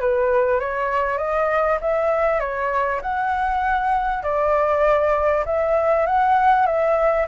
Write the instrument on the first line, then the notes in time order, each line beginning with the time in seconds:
flute
0.00 B4
0.60 C#5
1.18 D#5
1.81 E5
2.40 C#5
3.01 F#5
4.23 D5
5.45 E5
6.06 F#5
6.66 E5